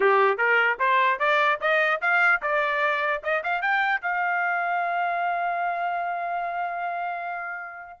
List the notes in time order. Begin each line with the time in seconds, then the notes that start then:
0.00 G4
0.37 A#4
0.79 C5
1.19 D5
1.60 D#5
2.01 F5
2.42 D5
3.23 D#5
3.43 F5
3.61 G5
4.01 F5